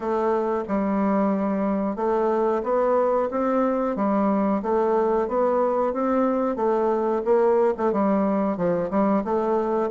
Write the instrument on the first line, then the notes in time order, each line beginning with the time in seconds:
bassoon
0.00 A3
0.67 G3
1.95 A3
2.63 B3
3.30 C4
3.96 G3
4.62 A3
5.27 B3
5.93 C4
6.56 A3
7.24 A#3
7.77 A3
7.92 G3
8.57 F3
8.90 G3
9.24 A3